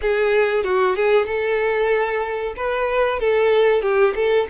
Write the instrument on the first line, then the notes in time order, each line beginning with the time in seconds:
violin
0.01 G#4
0.64 F#4
0.95 G#4
1.26 A4
2.56 B4
3.19 A4
3.82 G4
4.15 A4